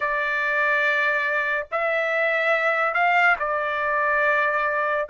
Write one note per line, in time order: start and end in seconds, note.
0.00 1.66 D5
1.71 2.93 E5
2.93 3.36 F5
3.39 5.08 D5